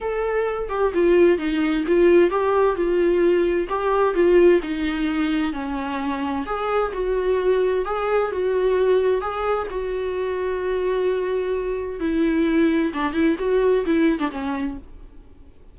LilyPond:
\new Staff \with { instrumentName = "viola" } { \time 4/4 \tempo 4 = 130 a'4. g'8 f'4 dis'4 | f'4 g'4 f'2 | g'4 f'4 dis'2 | cis'2 gis'4 fis'4~ |
fis'4 gis'4 fis'2 | gis'4 fis'2.~ | fis'2 e'2 | d'8 e'8 fis'4 e'8. d'16 cis'4 | }